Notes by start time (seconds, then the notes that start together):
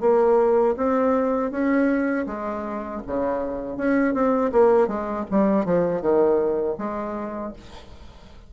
0.00 A#3
0.76 C4
1.51 C#4
2.26 G#3
3.06 C#3
3.77 C#4
4.14 C4
4.52 A#3
4.87 G#3
5.30 G3
5.65 F3
6.01 D#3
6.78 G#3